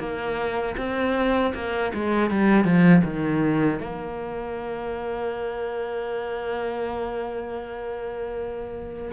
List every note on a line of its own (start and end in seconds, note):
0.00 0.76 A#3
0.77 1.53 C4
1.55 1.93 A#3
1.94 2.31 G#3
2.31 2.65 G3
2.65 3.03 F3
3.04 3.80 D#3
3.80 9.12 A#3